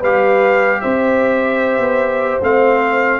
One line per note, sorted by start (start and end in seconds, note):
0.00 0.82 G3
0.00 2.42 G4
0.00 0.80 B4
0.00 0.81 F5
0.81 1.78 C4
0.81 3.20 C5
0.81 2.41 E5
1.78 2.38 B3
2.41 3.20 A3
2.41 3.20 C4
2.41 3.20 F5